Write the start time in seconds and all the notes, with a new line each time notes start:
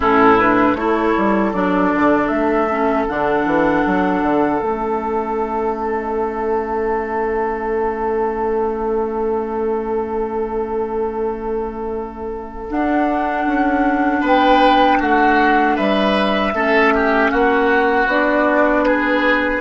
0.00 A2 C#4 E4 A4
0.39 D4 B4
0.75 A3 E4 A4 C#5
1.17 G3
1.53 F#3 D4 D5
1.94 D3
2.27 A3 E5
2.69 C#4
3.08 D3 D4 F#5
3.45 E3
3.86 F#3
4.22 D3
4.61 A3 C#4 E5
12.69 D4 F#5
13.46 C#4
14.20 B3 B4 G5
14.99 A3 F#4 F#5
15.75 G3 B4 E5
16.53 A3 C#4 A4
16.94 G4
17.30 A#3 F#4 F#5
18.06 B3 D4 D5
18.84 G#4 B4